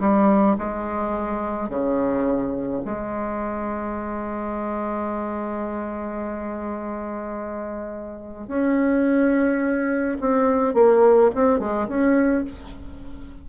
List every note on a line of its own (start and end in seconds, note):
0.00 0.57 G3
0.58 1.69 G#3
1.69 2.83 C#3
2.85 8.48 G#3
8.48 10.18 C#4
10.20 10.74 C4
10.74 11.31 A#3
11.35 11.59 C4
11.59 11.88 G#3
11.88 12.45 C#4